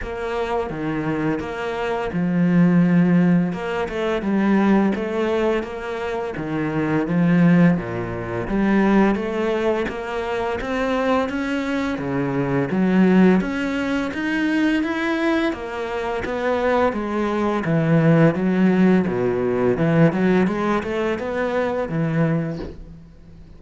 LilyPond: \new Staff \with { instrumentName = "cello" } { \time 4/4 \tempo 4 = 85 ais4 dis4 ais4 f4~ | f4 ais8 a8 g4 a4 | ais4 dis4 f4 ais,4 | g4 a4 ais4 c'4 |
cis'4 cis4 fis4 cis'4 | dis'4 e'4 ais4 b4 | gis4 e4 fis4 b,4 | e8 fis8 gis8 a8 b4 e4 | }